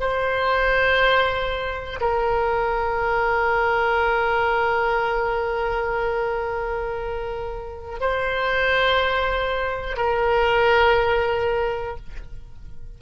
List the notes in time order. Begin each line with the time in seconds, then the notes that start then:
0.00 C5
2.00 A#4
8.00 C5
9.96 A#4